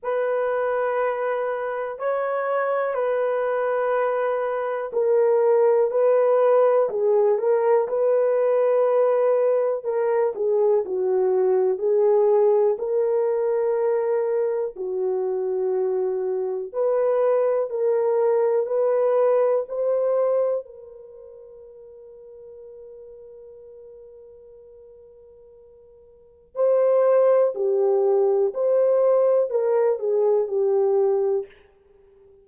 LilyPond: \new Staff \with { instrumentName = "horn" } { \time 4/4 \tempo 4 = 61 b'2 cis''4 b'4~ | b'4 ais'4 b'4 gis'8 ais'8 | b'2 ais'8 gis'8 fis'4 | gis'4 ais'2 fis'4~ |
fis'4 b'4 ais'4 b'4 | c''4 ais'2.~ | ais'2. c''4 | g'4 c''4 ais'8 gis'8 g'4 | }